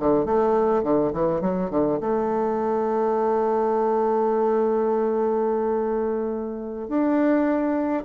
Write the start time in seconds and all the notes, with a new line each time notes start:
0.00 D3
0.26 A3
0.84 D3
1.13 E3
1.42 F#3
1.71 D3
2.01 A3
6.89 D4